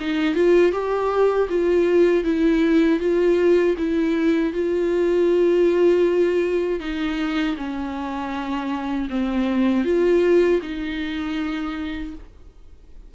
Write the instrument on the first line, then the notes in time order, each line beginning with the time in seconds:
viola
0.00 D#4
0.35 F4
0.72 G4
1.49 F4
2.24 E4
3.00 F4
3.78 E4
4.54 F4
6.80 D#4
7.57 C#4
9.10 C4
9.85 F4
10.62 D#4